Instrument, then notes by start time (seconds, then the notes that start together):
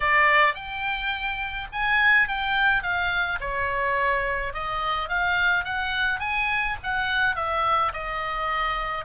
oboe
0.00 D5
0.54 G5
1.72 G#5
2.27 G5
2.82 F5
3.40 C#5
4.53 D#5
5.08 F5
5.64 F#5
6.19 G#5
6.83 F#5
7.35 E5
7.93 D#5